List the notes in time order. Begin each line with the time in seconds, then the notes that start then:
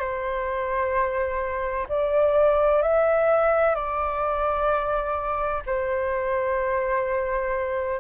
0.00 C5
1.89 D5
2.83 E5
3.75 D5
5.67 C5